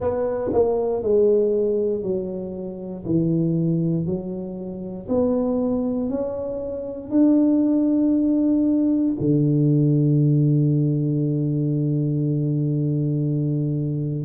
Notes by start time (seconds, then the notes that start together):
0.00 B3
0.52 A#3
1.02 G#3
2.02 F#3
3.05 E3
4.05 F#3
5.08 B3
6.09 C#4
7.10 D4
9.19 D3